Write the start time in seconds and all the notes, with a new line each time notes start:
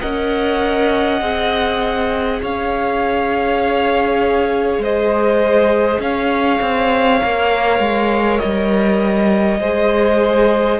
0.00 C#4 A#4 D#5 F#5
1.21 C4 G#4
2.42 C#4 C#5 F5
4.79 G#3 C5 D#5
6.00 C#4 C#5 F5
6.61 C4
7.20 A#3 A#4
7.80 G#3
8.39 G3 D#5
9.60 G#3 G#4 C5